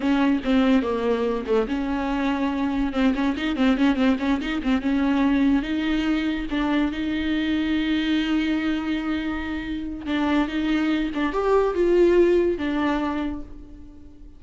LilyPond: \new Staff \with { instrumentName = "viola" } { \time 4/4 \tempo 4 = 143 cis'4 c'4 ais4. a8 | cis'2. c'8 cis'8 | dis'8 c'8 cis'8 c'8 cis'8 dis'8 c'8 cis'8~ | cis'4. dis'2 d'8~ |
d'8 dis'2.~ dis'8~ | dis'1 | d'4 dis'4. d'8 g'4 | f'2 d'2 | }